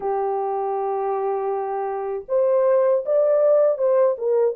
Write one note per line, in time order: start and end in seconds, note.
0.00 2.24 G4
2.28 3.04 C5
3.05 3.78 D5
3.78 4.16 C5
4.17 4.55 A#4